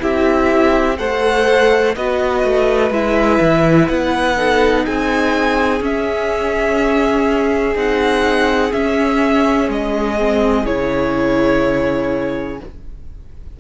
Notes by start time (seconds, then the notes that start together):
0.00 C4 E4 G4 E5
0.98 A3 A4 C5 F#5
1.96 B3 F#4 B4 D#5
2.44 A3
2.91 G#3 E4 E5
3.40 E3
3.89 B3 F#5
4.36 D#4 A4
4.86 C4 G#4 G#5
5.81 C#4 E5
7.75 C4 D#4 F#5
8.73 C#4 E5
9.69 G#3 D#5
10.18 C4
10.66 C#3 E4 C#5